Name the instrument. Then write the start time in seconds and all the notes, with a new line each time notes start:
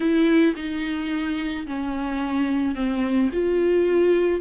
viola
0.00 E4
0.56 D#4
1.66 C#4
2.75 C4
3.32 F4